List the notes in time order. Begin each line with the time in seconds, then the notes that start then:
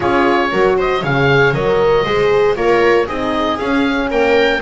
0.00 C#4 F4 G#4 C#5
0.51 F#3 F#4 A#4
0.77 C5 D#5
1.01 C#3 G#4 C#5 F5
1.53 F#3 A#4 D#5
2.04 G#3 G#4 C5
2.55 A#3 F4 A#4 C#5
3.05 C4 D#4 G#4 D#5
3.58 C#4 F5
4.10 A#3 A#4 G5